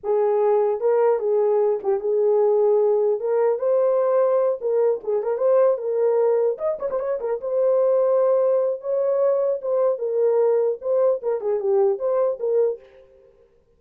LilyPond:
\new Staff \with { instrumentName = "horn" } { \time 4/4 \tempo 4 = 150 gis'2 ais'4 gis'4~ | gis'8 g'8 gis'2. | ais'4 c''2~ c''8 ais'8~ | ais'8 gis'8 ais'8 c''4 ais'4.~ |
ais'8 dis''8 cis''16 c''16 cis''8 ais'8 c''4.~ | c''2 cis''2 | c''4 ais'2 c''4 | ais'8 gis'8 g'4 c''4 ais'4 | }